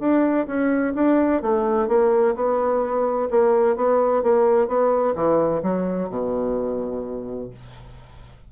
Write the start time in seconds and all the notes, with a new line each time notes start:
0.00 D4
0.47 C#4
0.95 D4
1.43 A3
1.88 A#3
2.35 B3
3.31 A#3
3.76 B3
4.23 A#3
4.68 B3
5.15 E3
5.62 F#3
6.10 B2